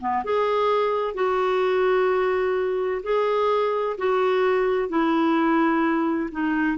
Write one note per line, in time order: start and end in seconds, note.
0.00 0.23 B3
0.24 1.14 G#4
1.14 3.01 F#4
3.03 3.96 G#4
3.98 4.89 F#4
4.89 6.29 E4
6.31 6.77 D#4